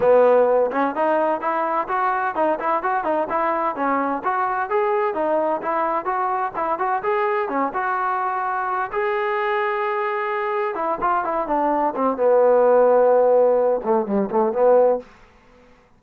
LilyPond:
\new Staff \with { instrumentName = "trombone" } { \time 4/4 \tempo 4 = 128 b4. cis'8 dis'4 e'4 | fis'4 dis'8 e'8 fis'8 dis'8 e'4 | cis'4 fis'4 gis'4 dis'4 | e'4 fis'4 e'8 fis'8 gis'4 |
cis'8 fis'2~ fis'8 gis'4~ | gis'2. e'8 f'8 | e'8 d'4 c'8 b2~ | b4. a8 g8 a8 b4 | }